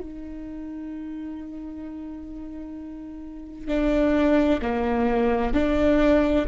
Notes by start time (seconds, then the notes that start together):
0.00 D#4
3.68 D4
4.62 A#3
5.53 D4